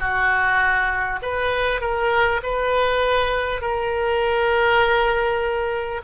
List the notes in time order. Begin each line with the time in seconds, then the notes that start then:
0.00 F#4
1.22 B4
1.81 A#4
2.43 B4
3.62 A#4